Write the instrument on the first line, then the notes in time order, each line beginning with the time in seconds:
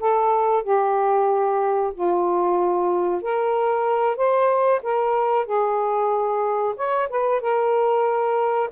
saxophone
0.00 A4
0.64 G4
1.94 F4
3.22 A#4
4.17 C5
4.83 A#4
5.46 G#4
6.77 C#5
7.10 B4
7.41 A#4